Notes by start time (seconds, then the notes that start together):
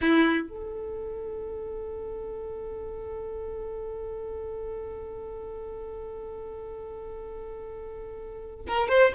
0.01 E4
0.49 A4
8.67 A#4
8.88 C5